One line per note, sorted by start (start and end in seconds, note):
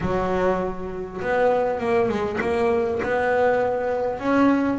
0.00 1.20 F#3
1.21 1.79 B3
1.79 2.08 A#3
2.08 2.38 G#3
2.40 3.00 A#3
3.02 4.19 B3
4.19 4.79 C#4